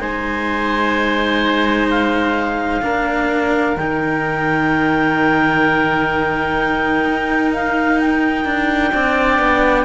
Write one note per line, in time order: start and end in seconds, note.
0.00 2.82 G#3
0.00 2.81 D#4
0.00 2.82 C5
0.00 1.89 G#5
1.91 3.77 F5
2.82 3.77 A#3
2.82 3.76 D4
2.82 8.93 A#4
3.77 7.05 D#3
3.77 8.91 D#4
3.77 7.52 G5
7.05 8.45 D#4
7.54 8.00 F5
8.00 9.86 G5
8.45 8.92 D4
8.91 9.39 C4
8.91 9.85 D4
8.91 9.86 D5
9.39 9.86 B3